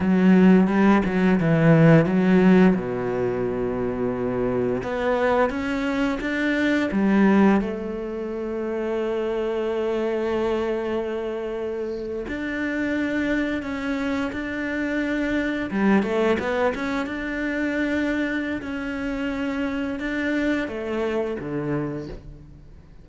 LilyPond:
\new Staff \with { instrumentName = "cello" } { \time 4/4 \tempo 4 = 87 fis4 g8 fis8 e4 fis4 | b,2. b4 | cis'4 d'4 g4 a4~ | a1~ |
a4.~ a16 d'2 cis'16~ | cis'8. d'2 g8 a8 b16~ | b16 cis'8 d'2~ d'16 cis'4~ | cis'4 d'4 a4 d4 | }